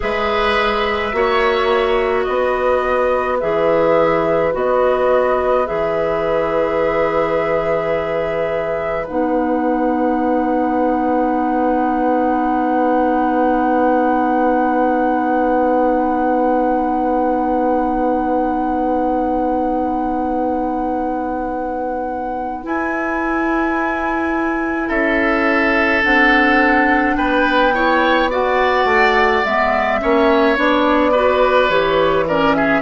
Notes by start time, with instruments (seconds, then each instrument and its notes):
0.00 bassoon G#3, clarinet G#4, oboe B4, flute E5
1.12 bassoon A#3, clarinet F#4, oboe C#5
2.23 bassoon B3, oboe B4, flute D#5
3.40 bassoon E3, clarinet G#4, flute E5
4.51 bassoon B3, clarinet F#4, flute D#5
5.65 bassoon E3, clarinet G#4, flute E5
9.07 bassoon B3, clarinet D#4, flute F#5
22.63 clarinet E4, bassoon E4, flute G#5
24.88 bassoon C#4, oboe A4, flute E5
26.02 bassoon C4, clarinet D4, flute F#5
27.16 bassoon B3, oboe B4, flute G5
27.73 clarinet E4, oboe C#5
28.29 clarinet F#4, oboe D5, flute F#5
28.84 bassoon A3
29.44 bassoon G#3, clarinet B3, flute E5
29.99 bassoon A#3, clarinet C#4, oboe C#5
30.55 bassoon B3, clarinet D4, flute D5
31.11 clarinet F#4, oboe B4
31.69 bassoon E3, clarinet G4, flute C#5
32.27 clarinet C#4, oboe A#4, flute D5
32.54 oboe G#4, flute E5